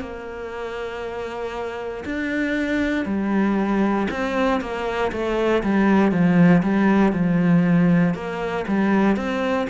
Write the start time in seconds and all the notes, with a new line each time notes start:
0.00 A#3
2.05 D4
3.06 G3
4.10 C4
4.60 A#3
5.12 A3
5.63 G3
6.11 F3
6.63 G3
7.12 F3
8.14 A#3
8.67 G3
9.16 C4